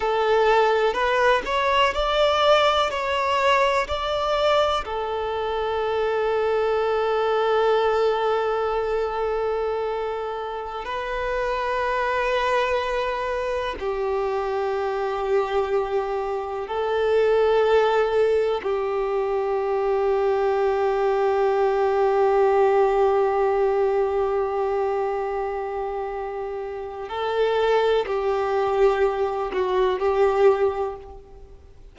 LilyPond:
\new Staff \with { instrumentName = "violin" } { \time 4/4 \tempo 4 = 62 a'4 b'8 cis''8 d''4 cis''4 | d''4 a'2.~ | a'2.~ a'16 b'8.~ | b'2~ b'16 g'4.~ g'16~ |
g'4~ g'16 a'2 g'8.~ | g'1~ | g'1 | a'4 g'4. fis'8 g'4 | }